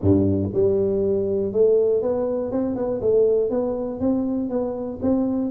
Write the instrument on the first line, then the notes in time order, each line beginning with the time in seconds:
tuba
0.01 G2
0.53 G3
1.52 A3
2.02 B3
2.51 C4
2.75 B3
3.01 A3
3.50 B3
4.00 C4
4.49 B3
5.01 C4